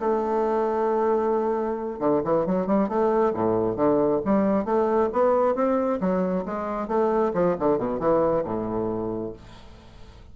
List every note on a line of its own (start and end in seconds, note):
0.00 2.00 A3
2.00 2.22 D3
2.24 2.46 E3
2.46 2.67 F#3
2.67 2.89 G3
2.89 3.33 A3
3.34 3.76 A2
3.76 4.21 D3
4.25 4.65 G3
4.65 5.09 A3
5.13 5.55 B3
5.55 5.99 C4
6.01 6.45 F#3
6.46 6.88 G#3
6.88 7.32 A3
7.34 7.56 F3
7.60 7.78 D3
7.78 8.00 B2
8.00 8.44 E3
8.44 9.33 A2